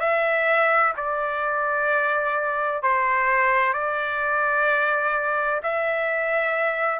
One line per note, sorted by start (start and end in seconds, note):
0.00 0.94 E5
0.97 2.83 D5
2.83 3.74 C5
3.74 5.61 D5
5.63 7.00 E5